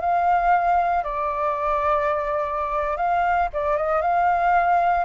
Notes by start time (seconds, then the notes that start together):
0.00 F5
1.03 D5
2.96 F5
3.53 D5
3.77 D#5
4.01 F5